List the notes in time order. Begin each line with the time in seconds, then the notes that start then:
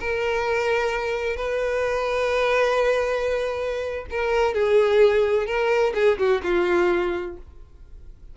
0.00 A#4
1.36 B4
4.10 A#4
4.54 G#4
5.46 A#4
5.94 G#4
6.18 F#4
6.43 F4